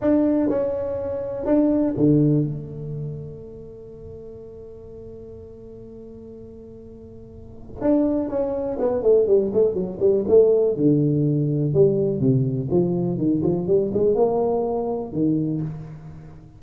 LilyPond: \new Staff \with { instrumentName = "tuba" } { \time 4/4 \tempo 4 = 123 d'4 cis'2 d'4 | d4 a2.~ | a1~ | a1 |
d'4 cis'4 b8 a8 g8 a8 | fis8 g8 a4 d2 | g4 c4 f4 dis8 f8 | g8 gis8 ais2 dis4 | }